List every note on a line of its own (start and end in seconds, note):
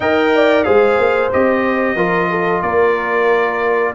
0.00 0.64 D#4
0.00 0.64 A#4
0.00 0.30 D#5
0.00 0.64 G5
0.34 0.65 D5
0.64 0.98 G#3
0.64 1.30 G#4
0.64 1.95 C5
0.64 1.30 F5
0.98 1.31 A#3
1.32 1.95 C4
1.32 1.97 G4
1.32 2.61 D#5
1.95 2.61 F3
1.95 3.95 F4
1.95 2.28 A#4
2.30 2.62 A4
2.61 3.94 A#3
2.61 3.94 A#4
2.61 3.93 D5